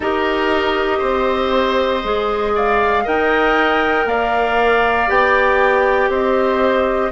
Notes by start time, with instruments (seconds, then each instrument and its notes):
0.00 bassoon D#4, clarinet G4, oboe A#4, flute D#5
0.98 bassoon C4, oboe C5
2.03 bassoon G#3, clarinet G#4
2.55 oboe D5, flute F5
3.04 bassoon D#4, clarinet A#4, oboe D#5, flute G5
4.05 bassoon A#3, oboe D5, flute F5
5.07 bassoon B3, clarinet G4, flute G5
6.08 bassoon C4, oboe C5, flute D#5